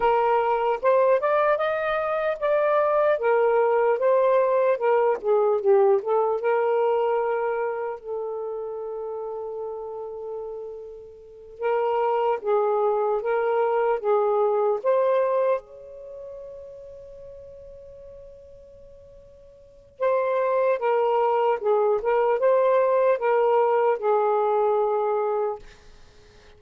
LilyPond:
\new Staff \with { instrumentName = "saxophone" } { \time 4/4 \tempo 4 = 75 ais'4 c''8 d''8 dis''4 d''4 | ais'4 c''4 ais'8 gis'8 g'8 a'8 | ais'2 a'2~ | a'2~ a'8 ais'4 gis'8~ |
gis'8 ais'4 gis'4 c''4 cis''8~ | cis''1~ | cis''4 c''4 ais'4 gis'8 ais'8 | c''4 ais'4 gis'2 | }